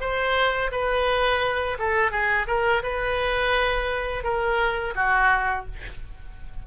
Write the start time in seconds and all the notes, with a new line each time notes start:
0.00 C5
0.71 B4
1.78 A4
2.11 G#4
2.47 A#4
2.83 B4
4.24 A#4
4.95 F#4